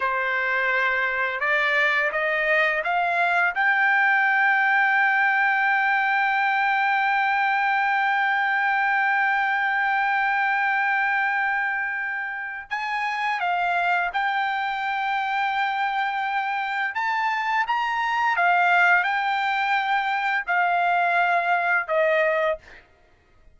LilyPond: \new Staff \with { instrumentName = "trumpet" } { \time 4/4 \tempo 4 = 85 c''2 d''4 dis''4 | f''4 g''2.~ | g''1~ | g''1~ |
g''2 gis''4 f''4 | g''1 | a''4 ais''4 f''4 g''4~ | g''4 f''2 dis''4 | }